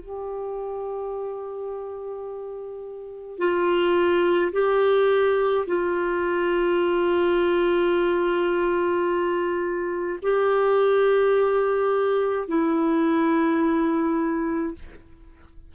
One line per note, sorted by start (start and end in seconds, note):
0.00 3.39 G4
3.39 4.52 F4
4.53 5.66 G4
5.67 10.20 F4
10.22 12.48 G4
12.48 14.75 E4